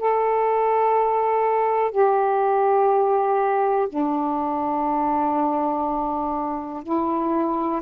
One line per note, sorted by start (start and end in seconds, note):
0.00 1.92 A4
1.92 3.89 G4
3.89 6.84 D4
6.84 7.82 E4